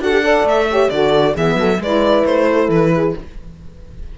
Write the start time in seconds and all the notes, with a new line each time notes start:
0.00 D4 F#4 A4 F#5
0.12 G4
0.21 A4 D5
0.43 A3 E5
0.70 G4 C#5
0.89 D3 F#4 A4 D5
1.34 E3 B3 G#4 E5
1.56 F#3 A4
1.78 G#3 E4 B4 D5
2.25 A3 C5
2.52 A4
2.68 E3 B4
2.95 G#4